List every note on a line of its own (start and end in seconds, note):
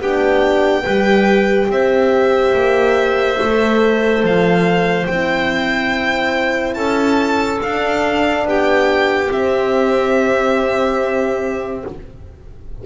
0.00 0.85 B3
0.00 0.84 D4
0.00 0.82 G4
0.00 1.71 G5
0.82 1.68 G3
0.82 3.38 G4
0.82 1.66 B4
1.68 2.53 C4
1.68 6.77 C5
1.68 4.24 E5
2.53 3.38 A#3
3.38 4.22 A3
3.38 5.07 A4
4.22 5.07 F3
4.22 5.06 F5
5.06 6.75 C4
5.06 7.61 E4
5.06 6.74 G5
6.74 7.60 C#4
6.74 8.46 A4
6.74 7.58 A5
7.61 9.29 D4
7.61 8.45 D4
7.61 8.46 F5
8.45 9.29 B3
8.45 11.85 G4
8.45 9.32 G5
9.29 11.82 C4
9.29 11.84 C4
9.29 11.85 E5